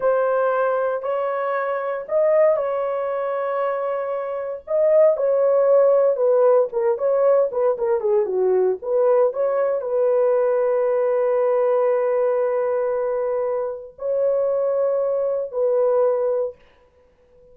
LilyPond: \new Staff \with { instrumentName = "horn" } { \time 4/4 \tempo 4 = 116 c''2 cis''2 | dis''4 cis''2.~ | cis''4 dis''4 cis''2 | b'4 ais'8 cis''4 b'8 ais'8 gis'8 |
fis'4 b'4 cis''4 b'4~ | b'1~ | b'2. cis''4~ | cis''2 b'2 | }